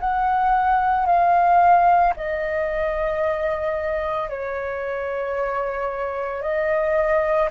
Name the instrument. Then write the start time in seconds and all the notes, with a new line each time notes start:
flute
0.00 F#5
1.06 F5
2.16 D#5
4.29 C#5
6.42 D#5